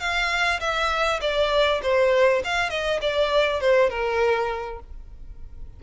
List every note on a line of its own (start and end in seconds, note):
0.00 0.60 F5
0.61 1.21 E5
1.21 1.81 D5
1.83 2.43 C5
2.44 2.70 F5
2.70 3.00 D#5
3.02 3.61 D5
3.61 3.90 C5
3.90 4.80 A#4